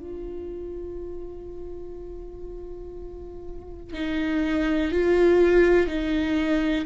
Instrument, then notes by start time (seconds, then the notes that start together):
viola
0.00 F4
3.93 D#4
4.91 F4
5.87 D#4